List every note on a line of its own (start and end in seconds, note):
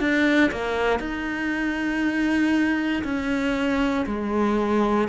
0.00 0.51 D4
0.51 0.99 A#3
0.99 3.03 D#4
3.04 4.05 C#4
4.06 5.08 G#3